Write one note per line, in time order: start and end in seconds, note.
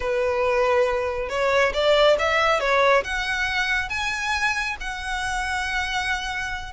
0.00 1.29 B4
1.29 1.72 C#5
1.73 2.17 D5
2.18 2.60 E5
2.60 3.03 C#5
3.04 3.89 F#5
3.89 4.76 G#5
4.80 6.72 F#5